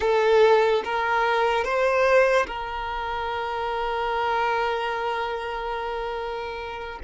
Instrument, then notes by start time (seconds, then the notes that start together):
violin
0.00 A4
0.84 A#4
1.64 C5
2.47 A#4